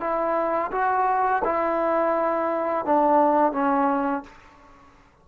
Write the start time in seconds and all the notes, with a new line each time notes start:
0.00 E4
0.72 F#4
1.44 E4
2.85 D4
3.53 C#4